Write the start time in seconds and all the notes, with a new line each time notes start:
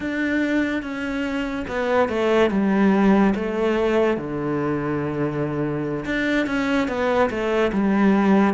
0.00 D4
0.82 C#4
1.67 B3
2.08 A3
2.50 G3
3.35 A3
4.17 D3
6.05 D4
6.46 C#4
6.87 B3
7.30 A3
7.72 G3